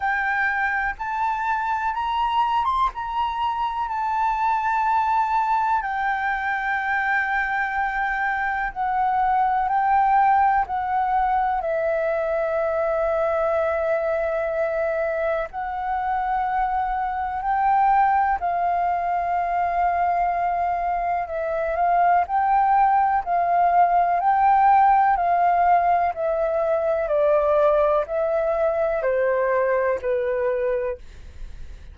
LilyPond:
\new Staff \with { instrumentName = "flute" } { \time 4/4 \tempo 4 = 62 g''4 a''4 ais''8. c'''16 ais''4 | a''2 g''2~ | g''4 fis''4 g''4 fis''4 | e''1 |
fis''2 g''4 f''4~ | f''2 e''8 f''8 g''4 | f''4 g''4 f''4 e''4 | d''4 e''4 c''4 b'4 | }